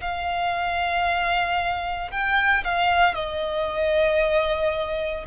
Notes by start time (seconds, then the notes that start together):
0.00 F5
2.11 G5
2.64 F5
3.14 D#5